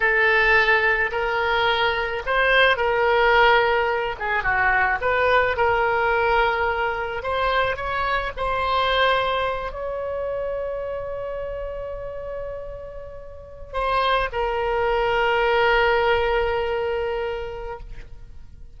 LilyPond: \new Staff \with { instrumentName = "oboe" } { \time 4/4 \tempo 4 = 108 a'2 ais'2 | c''4 ais'2~ ais'8 gis'8 | fis'4 b'4 ais'2~ | ais'4 c''4 cis''4 c''4~ |
c''4. cis''2~ cis''8~ | cis''1~ | cis''8. c''4 ais'2~ ais'16~ | ais'1 | }